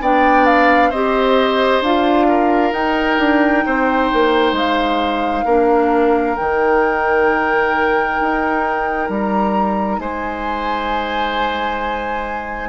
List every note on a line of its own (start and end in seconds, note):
0.00 0.91 B3
0.00 0.93 D4
0.00 0.89 D5
0.00 0.45 G5
0.45 0.91 F5
0.89 1.80 C4
0.89 1.84 G4
0.89 2.26 C5
0.89 1.82 D#5
1.80 2.71 D4
1.80 2.74 F4
1.80 2.72 F5
2.27 3.64 A#4
2.72 3.17 D#4
2.72 5.46 D#4
2.72 4.54 G5
3.18 3.64 D4
3.66 4.11 C4
3.66 5.45 C5
4.13 4.52 A#3
4.52 5.43 G#3
4.52 6.36 F5
5.45 6.36 A#3
5.45 6.37 D4
5.45 9.99 A#4
6.36 8.20 D#3
6.36 12.69 D#4
6.36 9.09 G5
8.20 9.09 D#4
9.09 9.98 G3
9.09 9.99 A#5
9.98 12.69 G#3
9.98 12.69 C5
9.98 12.69 G#5